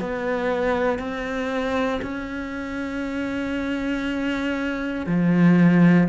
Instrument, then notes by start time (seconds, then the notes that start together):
cello
0.00 B3
0.98 C4
2.02 C#4
5.06 F3